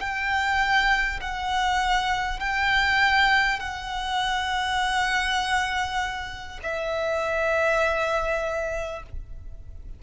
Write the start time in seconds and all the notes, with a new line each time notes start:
0.00 G5
1.20 F#5
2.39 G5
3.59 F#5
6.63 E5